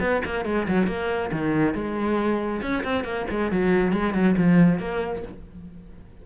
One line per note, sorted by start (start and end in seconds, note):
0.00 0.22 B3
0.25 0.45 A#3
0.45 0.67 G#3
0.67 0.87 F#3
0.87 1.30 A#3
1.32 1.74 D#3
1.74 2.61 G#3
2.62 2.83 C#4
2.84 3.04 C4
3.04 3.26 A#3
3.30 3.51 G#3
3.51 3.92 F#3
3.92 4.13 G#3
4.13 4.35 F#3
4.37 4.79 F3
4.79 5.22 A#3